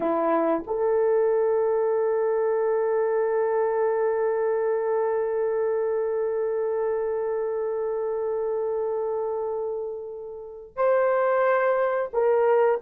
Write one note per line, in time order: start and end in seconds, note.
0.00 0.63 E4
0.66 10.76 A4
10.76 12.10 C5
12.13 12.80 A#4